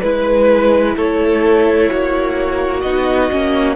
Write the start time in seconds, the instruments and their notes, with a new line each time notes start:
0.00 cello G#3, viola E4, violin B4
0.96 cello A3, violin A4 C#5
1.90 cello A#3, violin F#4
2.80 cello B3, viola D#4, violin D#5
3.31 cello A#3, viola C#4